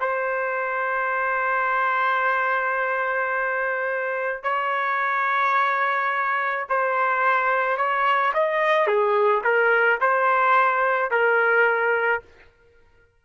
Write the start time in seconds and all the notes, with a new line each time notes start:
0.00 C5
4.43 C#5
6.69 C5
7.77 C#5
8.33 D#5
8.86 G#4
9.43 A#4
10.01 C5
11.11 A#4